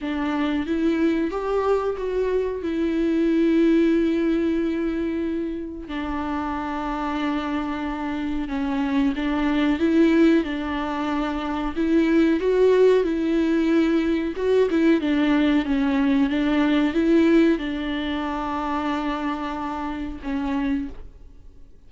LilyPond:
\new Staff \with { instrumentName = "viola" } { \time 4/4 \tempo 4 = 92 d'4 e'4 g'4 fis'4 | e'1~ | e'4 d'2.~ | d'4 cis'4 d'4 e'4 |
d'2 e'4 fis'4 | e'2 fis'8 e'8 d'4 | cis'4 d'4 e'4 d'4~ | d'2. cis'4 | }